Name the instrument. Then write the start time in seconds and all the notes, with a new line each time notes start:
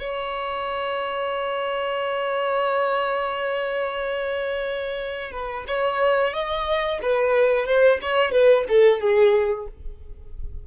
violin
0.00 C#5
5.32 B4
5.68 C#5
6.34 D#5
7.03 B4
7.66 C5
8.02 C#5
8.32 B4
8.69 A4
9.01 G#4